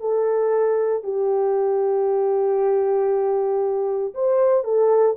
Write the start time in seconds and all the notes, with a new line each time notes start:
0.00 A4
1.03 G4
4.14 C5
4.64 A4